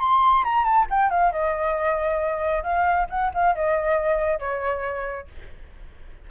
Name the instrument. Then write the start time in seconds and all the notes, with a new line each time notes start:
flute
0.00 C6
0.45 A#5
0.65 A5
0.90 G5
1.10 F5
1.32 D#5
2.64 F5
3.10 F#5
3.34 F5
3.56 D#5
4.40 C#5